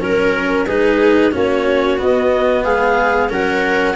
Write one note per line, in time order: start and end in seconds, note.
0.00 0.66 F#3
0.00 0.66 C#4
0.00 0.67 A#4
0.00 0.66 A#4
0.66 1.33 G#3
0.66 1.32 D#4
0.66 1.32 G#4
0.66 1.33 B4
1.32 2.00 A#3
1.32 1.98 C#4
1.32 2.64 F#4
1.32 2.00 C#5
1.98 3.29 B3
1.98 2.65 B3
1.98 2.64 D#5
2.64 3.31 G#3
2.64 3.30 G#4
2.64 3.30 F5
3.29 3.95 F#3
3.29 3.95 C#4
3.29 3.95 A#4
3.29 3.95 F#5